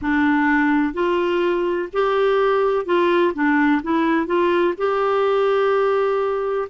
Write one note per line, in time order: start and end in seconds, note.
0.01 0.93 D4
0.93 1.88 F4
1.93 2.85 G4
2.85 3.33 F4
3.34 3.81 D4
3.82 4.26 E4
4.26 4.74 F4
4.77 6.68 G4